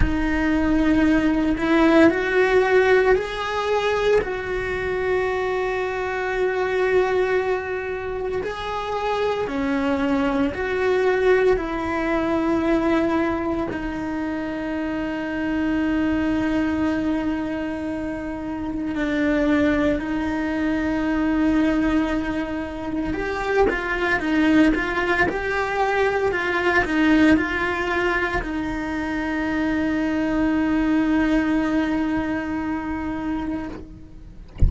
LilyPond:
\new Staff \with { instrumentName = "cello" } { \time 4/4 \tempo 4 = 57 dis'4. e'8 fis'4 gis'4 | fis'1 | gis'4 cis'4 fis'4 e'4~ | e'4 dis'2.~ |
dis'2 d'4 dis'4~ | dis'2 g'8 f'8 dis'8 f'8 | g'4 f'8 dis'8 f'4 dis'4~ | dis'1 | }